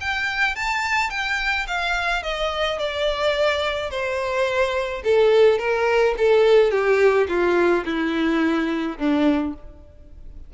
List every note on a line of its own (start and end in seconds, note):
0.00 0.55 G5
0.55 1.10 A5
1.10 1.66 G5
1.67 2.22 F5
2.22 2.78 D#5
2.78 3.90 D5
3.90 5.02 C5
5.04 5.58 A4
5.58 6.15 A#4
6.17 6.71 A4
6.71 7.27 G4
7.28 7.84 F4
7.85 8.97 E4
8.98 9.54 D4